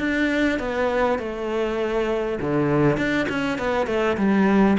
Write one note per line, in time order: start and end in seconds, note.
0.00 0.60 D4
0.60 1.19 B3
1.19 2.39 A3
2.41 2.98 D3
2.98 3.28 D4
3.29 3.59 C#4
3.59 3.87 B3
3.87 4.17 A3
4.18 4.78 G3